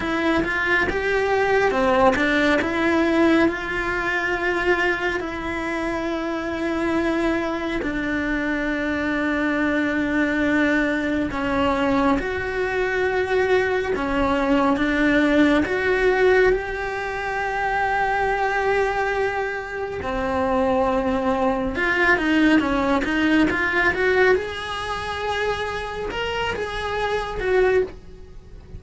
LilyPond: \new Staff \with { instrumentName = "cello" } { \time 4/4 \tempo 4 = 69 e'8 f'8 g'4 c'8 d'8 e'4 | f'2 e'2~ | e'4 d'2.~ | d'4 cis'4 fis'2 |
cis'4 d'4 fis'4 g'4~ | g'2. c'4~ | c'4 f'8 dis'8 cis'8 dis'8 f'8 fis'8 | gis'2 ais'8 gis'4 fis'8 | }